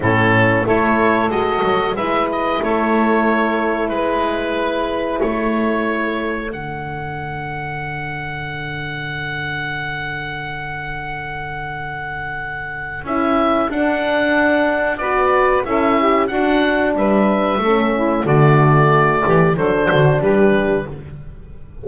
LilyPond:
<<
  \new Staff \with { instrumentName = "oboe" } { \time 4/4 \tempo 4 = 92 a'4 cis''4 dis''4 e''8 dis''8 | cis''2 b'2 | cis''2 fis''2~ | fis''1~ |
fis''1 | e''4 fis''2 d''4 | e''4 fis''4 e''2 | d''2 c''4 b'4 | }
  \new Staff \with { instrumentName = "saxophone" } { \time 4/4 e'4 a'2 b'4 | a'2 b'2 | a'1~ | a'1~ |
a'1~ | a'2. b'4 | a'8 g'8 fis'4 b'4 a'8 e'8 | fis'4. g'8 a'8 fis'8 g'4 | }
  \new Staff \with { instrumentName = "horn" } { \time 4/4 cis'4 e'4 fis'4 e'4~ | e'1~ | e'2 d'2~ | d'1~ |
d'1 | e'4 d'2 fis'4 | e'4 d'2 cis'4 | a2 d'2 | }
  \new Staff \with { instrumentName = "double bass" } { \time 4/4 a,4 a4 gis8 fis8 gis4 | a2 gis2 | a2 d2~ | d1~ |
d1 | cis'4 d'2 b4 | cis'4 d'4 g4 a4 | d4. e8 fis8 d8 g4 | }
>>